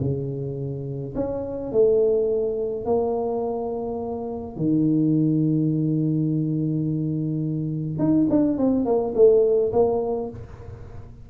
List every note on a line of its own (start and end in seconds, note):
0.00 1.14 C#3
1.15 1.72 C#4
1.72 2.85 A3
2.85 4.56 A#3
4.56 7.99 D#3
7.99 8.27 D#4
8.29 8.57 D4
8.57 8.85 C4
8.85 9.14 A#3
9.15 9.72 A3
9.72 10.30 A#3